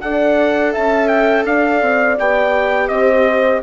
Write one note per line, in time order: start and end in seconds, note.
0.00 0.75 D4
0.00 2.17 A4
0.00 0.72 D5
0.00 0.72 F#5
0.72 1.45 C#4
0.72 1.45 E5
0.72 1.07 A5
1.07 1.43 G5
1.45 1.81 D4
1.45 2.91 D5
1.45 2.18 F5
1.81 2.17 C4
2.19 2.89 B3
2.19 3.62 G4
2.19 2.88 G5
2.88 3.61 C4
2.88 3.62 C5
2.88 3.60 D#5